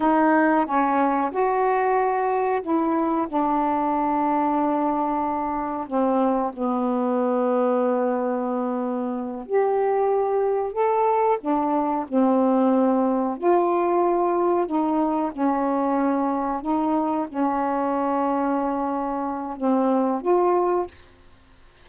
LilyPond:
\new Staff \with { instrumentName = "saxophone" } { \time 4/4 \tempo 4 = 92 dis'4 cis'4 fis'2 | e'4 d'2.~ | d'4 c'4 b2~ | b2~ b8 g'4.~ |
g'8 a'4 d'4 c'4.~ | c'8 f'2 dis'4 cis'8~ | cis'4. dis'4 cis'4.~ | cis'2 c'4 f'4 | }